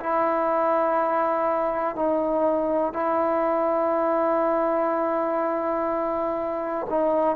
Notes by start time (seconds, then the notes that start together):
0.00 E4
1.95 D#4
2.93 E4
6.89 D#4